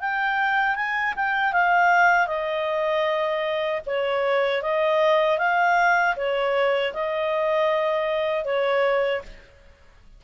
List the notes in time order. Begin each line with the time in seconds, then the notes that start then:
0.00 G5
0.76 G#5
1.16 G5
1.53 F5
2.27 D#5
3.86 C#5
4.62 D#5
5.38 F5
6.16 C#5
6.94 D#5
8.45 C#5